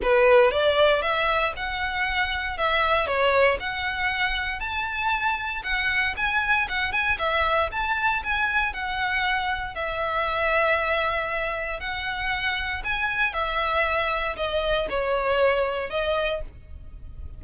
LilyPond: \new Staff \with { instrumentName = "violin" } { \time 4/4 \tempo 4 = 117 b'4 d''4 e''4 fis''4~ | fis''4 e''4 cis''4 fis''4~ | fis''4 a''2 fis''4 | gis''4 fis''8 gis''8 e''4 a''4 |
gis''4 fis''2 e''4~ | e''2. fis''4~ | fis''4 gis''4 e''2 | dis''4 cis''2 dis''4 | }